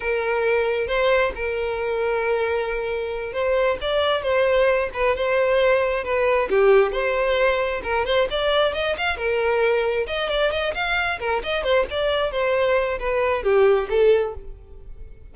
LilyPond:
\new Staff \with { instrumentName = "violin" } { \time 4/4 \tempo 4 = 134 ais'2 c''4 ais'4~ | ais'2.~ ais'8 c''8~ | c''8 d''4 c''4. b'8 c''8~ | c''4. b'4 g'4 c''8~ |
c''4. ais'8 c''8 d''4 dis''8 | f''8 ais'2 dis''8 d''8 dis''8 | f''4 ais'8 dis''8 c''8 d''4 c''8~ | c''4 b'4 g'4 a'4 | }